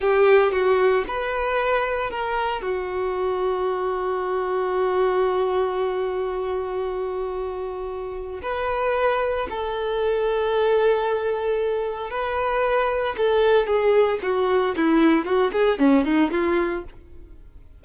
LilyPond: \new Staff \with { instrumentName = "violin" } { \time 4/4 \tempo 4 = 114 g'4 fis'4 b'2 | ais'4 fis'2.~ | fis'1~ | fis'1 |
b'2 a'2~ | a'2. b'4~ | b'4 a'4 gis'4 fis'4 | e'4 fis'8 gis'8 cis'8 dis'8 f'4 | }